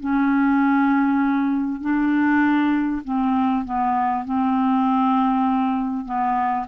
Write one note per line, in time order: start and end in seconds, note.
0.00 1.81 C#4
1.81 3.02 D4
3.04 3.65 C4
3.65 4.25 B3
4.25 6.05 C4
6.05 6.66 B3